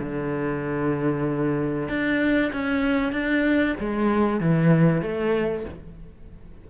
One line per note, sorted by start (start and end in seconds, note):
0.00 1.89 D3
1.89 2.52 D4
2.53 3.13 C#4
3.13 3.76 D4
3.80 4.41 G#3
4.41 5.02 E3
5.02 5.66 A3